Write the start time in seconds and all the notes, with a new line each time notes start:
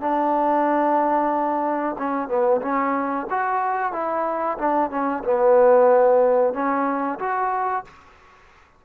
0.00 D4
1.98 C#4
2.28 B3
2.61 C#4
3.30 F#4
3.92 E4
4.58 D4
4.90 C#4
5.24 B3
6.53 C#4
7.19 F#4